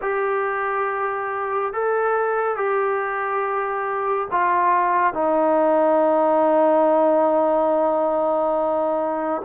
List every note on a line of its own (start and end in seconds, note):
0.01 1.73 G4
1.73 2.56 A4
2.56 4.27 G4
4.31 5.13 F4
5.13 9.42 D#4